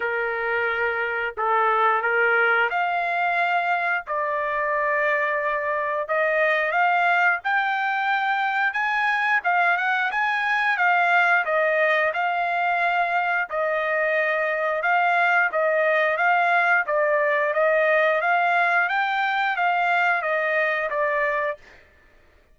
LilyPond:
\new Staff \with { instrumentName = "trumpet" } { \time 4/4 \tempo 4 = 89 ais'2 a'4 ais'4 | f''2 d''2~ | d''4 dis''4 f''4 g''4~ | g''4 gis''4 f''8 fis''8 gis''4 |
f''4 dis''4 f''2 | dis''2 f''4 dis''4 | f''4 d''4 dis''4 f''4 | g''4 f''4 dis''4 d''4 | }